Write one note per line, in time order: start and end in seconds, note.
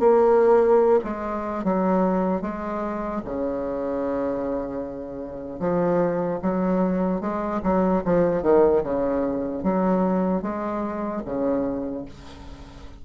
0.00 1.00 A#3
1.04 1.64 G#3
1.64 2.42 F#3
2.42 3.22 G#3
3.25 5.60 C#3
5.60 6.40 F3
6.43 7.21 F#3
7.21 7.61 G#3
7.63 8.03 F#3
8.05 8.43 F3
8.43 8.83 D#3
8.84 9.64 C#3
9.64 10.43 F#3
10.43 11.23 G#3
11.25 12.05 C#3